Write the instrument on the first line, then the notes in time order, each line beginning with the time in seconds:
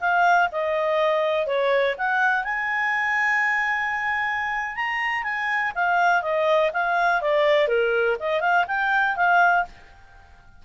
clarinet
0.00 F5
0.51 D#5
1.46 C#5
1.97 F#5
2.44 G#5
4.75 A#5
5.23 G#5
5.75 F5
6.22 D#5
6.73 F5
7.21 D5
7.67 A#4
8.20 D#5
8.40 F5
8.67 G5
9.16 F5